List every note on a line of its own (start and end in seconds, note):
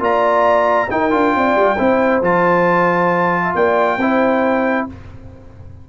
0.00 0.88 A#3
0.00 0.88 F4
0.00 0.90 D5
0.00 0.90 A#5
0.90 1.11 D#4
0.90 1.13 D#4
0.90 1.37 A#4
0.90 2.23 G5
1.11 1.35 D4
1.11 1.77 F4
1.35 1.56 C4
1.35 1.80 D5
1.56 1.78 G3
1.78 2.22 C4
1.78 2.22 E4
1.78 3.43 C5
2.22 3.54 F3
2.22 4.00 F4
2.22 3.56 A5
3.43 3.54 E5
3.55 3.98 A#3
3.55 4.00 D5
3.55 4.88 G5
3.98 4.86 C4
3.98 4.89 E4
3.98 4.89 C5